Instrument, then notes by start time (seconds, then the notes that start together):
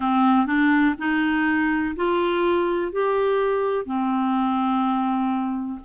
clarinet
0.00 C4
0.46 D4
0.98 D#4
1.96 F4
2.92 G4
3.85 C4